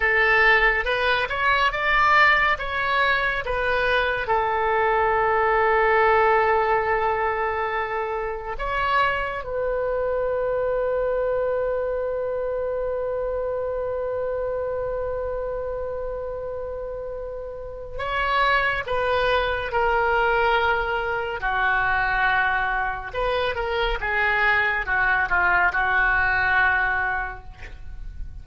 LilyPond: \new Staff \with { instrumentName = "oboe" } { \time 4/4 \tempo 4 = 70 a'4 b'8 cis''8 d''4 cis''4 | b'4 a'2.~ | a'2 cis''4 b'4~ | b'1~ |
b'1~ | b'4 cis''4 b'4 ais'4~ | ais'4 fis'2 b'8 ais'8 | gis'4 fis'8 f'8 fis'2 | }